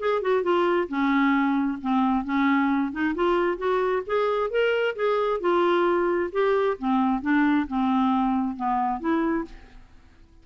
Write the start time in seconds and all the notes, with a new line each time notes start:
0.00 G#4
0.22 F#4
0.43 F4
0.89 C#4
1.82 C4
2.25 C#4
2.92 D#4
3.15 F4
3.58 F#4
4.07 G#4
4.51 A#4
4.96 G#4
5.41 F4
6.33 G4
6.79 C4
7.22 D4
7.68 C4
8.57 B3
9.00 E4